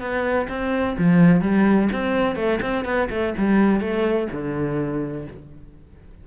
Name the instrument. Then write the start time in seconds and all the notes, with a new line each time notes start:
cello
0.00 B3
0.48 C4
0.98 F3
1.41 G3
1.92 C4
2.35 A3
2.61 C4
2.85 B3
3.10 A3
3.38 G3
3.80 A3
4.32 D3